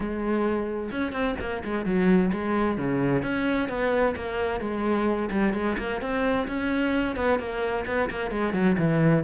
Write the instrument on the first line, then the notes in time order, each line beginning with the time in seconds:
cello
0.00 G#3
0.91 C#4
1.12 C4
1.40 A#3
1.64 G#3
1.85 F#3
2.32 G#3
2.77 C#3
3.22 C#4
3.68 B3
4.16 A#3
4.60 G#3
5.31 G3
5.53 G#3
5.78 A#3
6.01 C4
6.47 C#4
7.16 B3
7.39 A#3
7.86 B3
8.10 A#3
8.31 G#3
8.53 F#3
8.78 E3